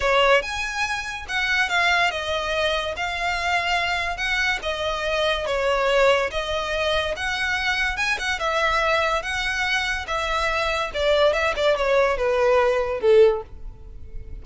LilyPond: \new Staff \with { instrumentName = "violin" } { \time 4/4 \tempo 4 = 143 cis''4 gis''2 fis''4 | f''4 dis''2 f''4~ | f''2 fis''4 dis''4~ | dis''4 cis''2 dis''4~ |
dis''4 fis''2 gis''8 fis''8 | e''2 fis''2 | e''2 d''4 e''8 d''8 | cis''4 b'2 a'4 | }